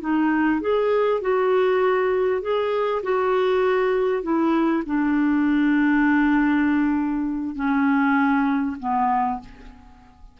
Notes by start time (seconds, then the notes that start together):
0.00 D#4
0.61 G#4
1.21 F#4
2.41 G#4
3.02 F#4
4.22 E4
4.86 D4
7.55 C#4
8.79 B3